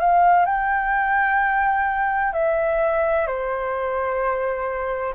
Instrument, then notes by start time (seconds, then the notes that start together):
flute
0.00 F5
0.46 G5
2.33 E5
3.27 C5